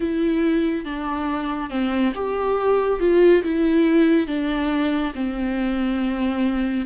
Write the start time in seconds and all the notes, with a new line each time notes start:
0.00 E4
0.85 D4
1.69 C4
2.14 G4
3.00 F4
3.43 E4
4.27 D4
5.14 C4